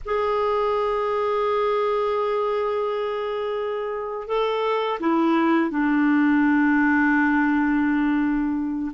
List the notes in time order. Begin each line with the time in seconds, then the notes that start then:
0.05 G#4
4.27 A4
4.99 E4
5.70 D4